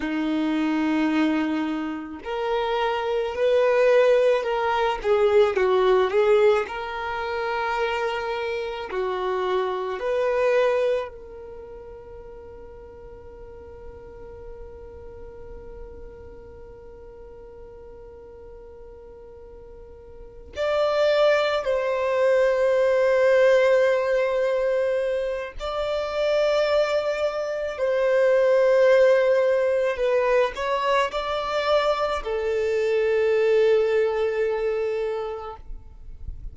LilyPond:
\new Staff \with { instrumentName = "violin" } { \time 4/4 \tempo 4 = 54 dis'2 ais'4 b'4 | ais'8 gis'8 fis'8 gis'8 ais'2 | fis'4 b'4 ais'2~ | ais'1~ |
ais'2~ ais'8 d''4 c''8~ | c''2. d''4~ | d''4 c''2 b'8 cis''8 | d''4 a'2. | }